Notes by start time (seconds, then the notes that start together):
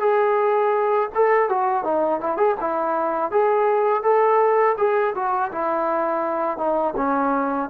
0.00 G#4
1.15 A4
1.49 F#4
1.84 D#4
2.20 E4
2.37 G#4
2.60 E4
3.31 G#4
4.03 A4
4.78 G#4
5.15 F#4
5.52 E4
6.58 D#4
6.96 C#4